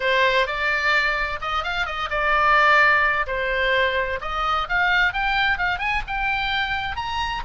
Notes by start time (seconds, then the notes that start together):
0.00 C5
0.46 D5
1.41 D#5
1.63 F5
1.85 D#5
2.10 D5
3.26 C5
4.21 D#5
4.68 F5
5.13 G5
5.58 F5
5.78 G#5
6.07 G5
6.96 A#5